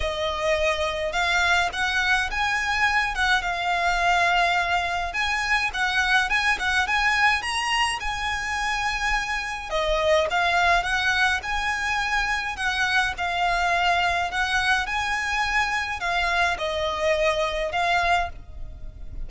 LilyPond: \new Staff \with { instrumentName = "violin" } { \time 4/4 \tempo 4 = 105 dis''2 f''4 fis''4 | gis''4. fis''8 f''2~ | f''4 gis''4 fis''4 gis''8 fis''8 | gis''4 ais''4 gis''2~ |
gis''4 dis''4 f''4 fis''4 | gis''2 fis''4 f''4~ | f''4 fis''4 gis''2 | f''4 dis''2 f''4 | }